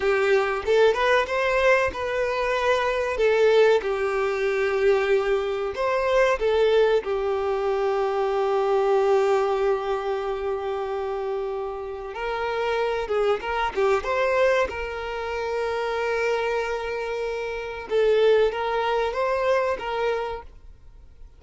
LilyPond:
\new Staff \with { instrumentName = "violin" } { \time 4/4 \tempo 4 = 94 g'4 a'8 b'8 c''4 b'4~ | b'4 a'4 g'2~ | g'4 c''4 a'4 g'4~ | g'1~ |
g'2. ais'4~ | ais'8 gis'8 ais'8 g'8 c''4 ais'4~ | ais'1 | a'4 ais'4 c''4 ais'4 | }